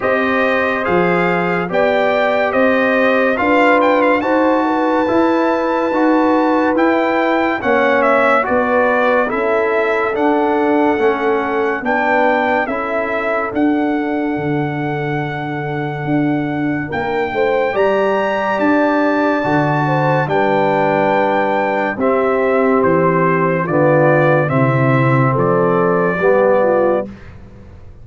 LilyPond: <<
  \new Staff \with { instrumentName = "trumpet" } { \time 4/4 \tempo 4 = 71 dis''4 f''4 g''4 dis''4 | f''8 g''16 f''16 a''2. | g''4 fis''8 e''8 d''4 e''4 | fis''2 g''4 e''4 |
fis''1 | g''4 ais''4 a''2 | g''2 e''4 c''4 | d''4 e''4 d''2 | }
  \new Staff \with { instrumentName = "horn" } { \time 4/4 c''2 d''4 c''4 | b'4 c''8 b'2~ b'8~ | b'4 cis''4 b'4 a'4~ | a'2 b'4 a'4~ |
a'1 | ais'8 c''8 d''2~ d''8 c''8 | b'2 g'2 | f'4 e'4 a'4 g'8 f'8 | }
  \new Staff \with { instrumentName = "trombone" } { \time 4/4 g'4 gis'4 g'2 | f'4 fis'4 e'4 fis'4 | e'4 cis'4 fis'4 e'4 | d'4 cis'4 d'4 e'4 |
d'1~ | d'4 g'2 fis'4 | d'2 c'2 | b4 c'2 b4 | }
  \new Staff \with { instrumentName = "tuba" } { \time 4/4 c'4 f4 b4 c'4 | d'4 dis'4 e'4 dis'4 | e'4 ais4 b4 cis'4 | d'4 a4 b4 cis'4 |
d'4 d2 d'4 | ais8 a8 g4 d'4 d4 | g2 c'4 e4 | d4 c4 f4 g4 | }
>>